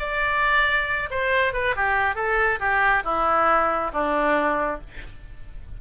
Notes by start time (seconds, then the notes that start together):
0.00 D5
1.11 C5
1.54 B4
1.76 G4
2.16 A4
2.60 G4
3.04 E4
3.93 D4